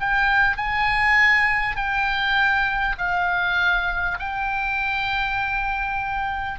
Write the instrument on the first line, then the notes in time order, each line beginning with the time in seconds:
oboe
0.00 G5
0.57 G#5
1.76 G5
2.98 F5
4.19 G5